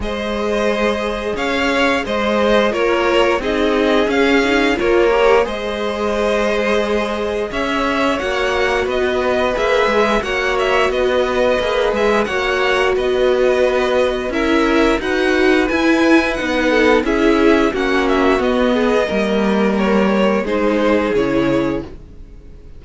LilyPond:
<<
  \new Staff \with { instrumentName = "violin" } { \time 4/4 \tempo 4 = 88 dis''2 f''4 dis''4 | cis''4 dis''4 f''4 cis''4 | dis''2. e''4 | fis''4 dis''4 e''4 fis''8 e''8 |
dis''4. e''8 fis''4 dis''4~ | dis''4 e''4 fis''4 gis''4 | fis''4 e''4 fis''8 e''8 dis''4~ | dis''4 cis''4 c''4 cis''4 | }
  \new Staff \with { instrumentName = "violin" } { \time 4/4 c''2 cis''4 c''4 | ais'4 gis'2 ais'4 | c''2. cis''4~ | cis''4 b'2 cis''4 |
b'2 cis''4 b'4~ | b'4 ais'4 b'2~ | b'8 a'8 gis'4 fis'4. gis'8 | ais'2 gis'2 | }
  \new Staff \with { instrumentName = "viola" } { \time 4/4 gis'1 | f'4 dis'4 cis'8 dis'8 f'8 g'8 | gis'1 | fis'2 gis'4 fis'4~ |
fis'4 gis'4 fis'2~ | fis'4 e'4 fis'4 e'4 | dis'4 e'4 cis'4 b4 | ais2 dis'4 e'4 | }
  \new Staff \with { instrumentName = "cello" } { \time 4/4 gis2 cis'4 gis4 | ais4 c'4 cis'4 ais4 | gis2. cis'4 | ais4 b4 ais8 gis8 ais4 |
b4 ais8 gis8 ais4 b4~ | b4 cis'4 dis'4 e'4 | b4 cis'4 ais4 b4 | g2 gis4 cis4 | }
>>